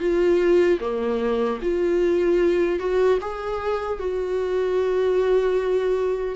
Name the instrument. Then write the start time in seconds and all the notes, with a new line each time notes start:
viola
0.00 F4
0.80 A#3
1.62 F4
2.79 F#4
3.21 G#4
3.99 F#4